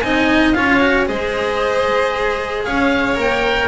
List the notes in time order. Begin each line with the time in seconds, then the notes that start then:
0.00 C4 D#4 D#5 G#5
0.52 C#4 F4 C#5 F5
0.80 F#4
1.05 G#3 G#4 C5 D#5
2.64 C#4 C#5 F5
3.14 A#3 A#4 G5